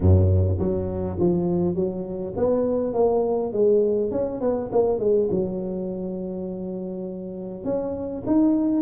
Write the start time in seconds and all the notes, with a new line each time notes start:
0.00 F#2
0.59 F#3
1.19 F3
1.75 F#3
2.36 B3
2.93 A#3
3.52 G#3
4.11 C#4
4.40 B3
4.72 A#3
4.99 G#3
5.30 F#3
7.64 C#4
8.26 D#4